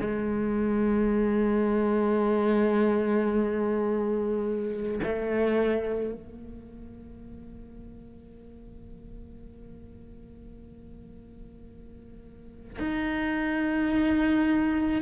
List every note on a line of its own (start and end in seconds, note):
0.00 5.00 G#3
5.03 6.14 A3
6.14 12.79 A#3
12.79 15.01 D#4